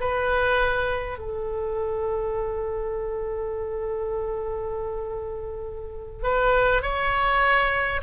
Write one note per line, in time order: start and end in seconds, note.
0.00 1.18 B4
1.18 6.23 A4
6.23 6.82 B4
6.82 8.01 C#5